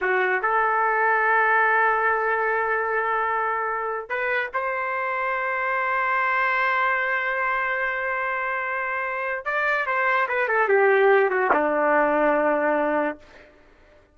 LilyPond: \new Staff \with { instrumentName = "trumpet" } { \time 4/4 \tempo 4 = 146 fis'4 a'2.~ | a'1~ | a'2 b'4 c''4~ | c''1~ |
c''1~ | c''2. d''4 | c''4 b'8 a'8 g'4. fis'8 | d'1 | }